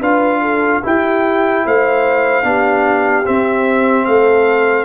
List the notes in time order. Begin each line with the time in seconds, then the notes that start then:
0.00 D4 F4 B4 F5
0.41 A4
0.83 E4 G4 G5
1.66 A3 C5 F5
2.43 B3 D4 G4
3.26 C4 E5
4.06 A3 A4 F5